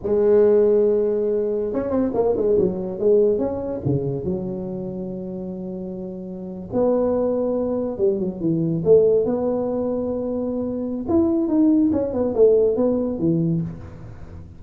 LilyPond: \new Staff \with { instrumentName = "tuba" } { \time 4/4 \tempo 4 = 141 gis1 | cis'8 c'8 ais8 gis8 fis4 gis4 | cis'4 cis4 fis2~ | fis2.~ fis8. b16~ |
b2~ b8. g8 fis8 e16~ | e8. a4 b2~ b16~ | b2 e'4 dis'4 | cis'8 b8 a4 b4 e4 | }